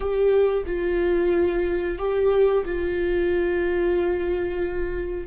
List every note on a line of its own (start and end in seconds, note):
0.00 0.63 G4
0.66 1.98 F4
1.98 2.64 G4
2.65 5.27 F4